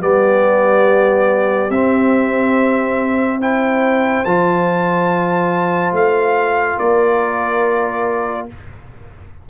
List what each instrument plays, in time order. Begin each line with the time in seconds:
0.00 tuba G3, trombone B3, horn G4, trumpet D5
1.69 tuba C4, trombone C4, trumpet E5
3.40 trombone E4, horn C5, trumpet G5
4.24 tuba F3, trombone F4, trumpet A5
5.92 tuba A3, trumpet F5
6.77 tuba A#3, horn A#4, trumpet D5